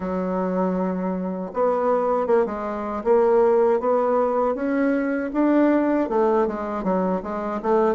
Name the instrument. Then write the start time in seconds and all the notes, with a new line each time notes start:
bassoon
0.00 F#3
1.53 B3
2.26 A#3
2.46 G#3
3.04 A#3
3.80 B3
4.55 C#4
5.33 D4
6.09 A3
6.47 G#3
6.83 F#3
7.23 G#3
7.62 A3